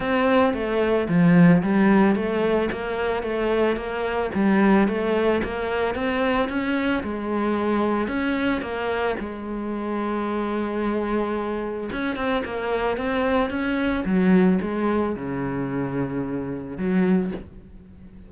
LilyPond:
\new Staff \with { instrumentName = "cello" } { \time 4/4 \tempo 4 = 111 c'4 a4 f4 g4 | a4 ais4 a4 ais4 | g4 a4 ais4 c'4 | cis'4 gis2 cis'4 |
ais4 gis2.~ | gis2 cis'8 c'8 ais4 | c'4 cis'4 fis4 gis4 | cis2. fis4 | }